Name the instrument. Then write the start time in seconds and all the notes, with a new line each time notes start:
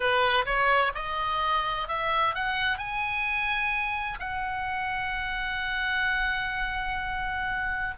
oboe
0.00 B4
0.45 C#5
0.95 D#5
1.87 E5
2.34 F#5
2.77 G#5
4.19 F#5